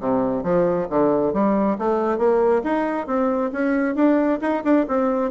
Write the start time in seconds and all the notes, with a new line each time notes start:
0.00 C3
0.44 F3
0.90 D3
1.33 G3
1.78 A3
2.18 A#3
2.64 D#4
3.07 C4
3.53 C#4
3.95 D4
4.42 D#4
4.64 D4
4.88 C4